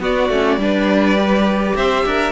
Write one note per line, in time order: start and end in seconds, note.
0.00 0.29 B3
0.00 0.59 F#4
0.00 1.76 D5
0.29 0.57 A3
0.29 0.60 C#4
0.57 1.74 G3
0.57 1.18 D4
0.57 1.76 B4
1.18 2.33 G4
1.75 2.04 C4
1.75 2.06 C5
1.75 2.33 E5
2.06 2.33 D4
2.06 2.33 A#4